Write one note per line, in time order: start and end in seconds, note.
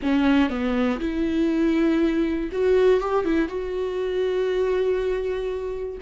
0.02 0.49 C#4
0.49 0.99 B3
1.00 2.50 E4
2.51 3.00 F#4
3.00 3.25 G4
3.25 3.48 E4
3.48 5.98 F#4